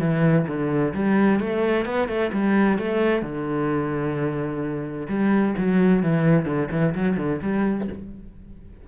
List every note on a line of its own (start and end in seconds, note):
0.00 0.46 E3
0.47 0.94 D3
0.94 1.40 G3
1.40 1.85 A3
1.85 2.08 B3
2.08 2.31 A3
2.33 2.79 G3
2.79 3.23 A3
3.23 5.07 D3
5.09 5.55 G3
5.58 6.03 F#3
6.03 6.46 E3
6.46 6.69 D3
6.71 6.94 E3
6.95 7.17 F#3
7.17 7.40 D3
7.42 7.88 G3